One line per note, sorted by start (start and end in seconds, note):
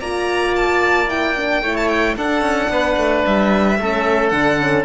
0.00 1.62 A#3
0.00 1.08 F4
0.00 1.62 D5
0.00 0.55 A#5
0.56 1.10 A5
1.08 1.35 E4
1.08 1.77 G5
1.37 1.62 D4
1.62 2.16 A3
1.62 2.16 E4
1.62 2.16 C#5
1.77 1.88 A5
1.88 2.15 G5
2.17 2.42 D4
2.17 3.80 D4
2.17 2.71 A4
2.17 3.26 F#5
2.42 2.69 C#4
2.70 2.97 B3
2.70 3.80 B4
2.97 3.24 A3
3.26 3.79 G3
3.26 4.29 E5
3.79 4.32 A3
3.79 4.32 C#4
3.79 4.86 A4
4.29 4.86 D3
4.29 4.59 D4
4.29 4.83 F#5
4.59 4.86 C#4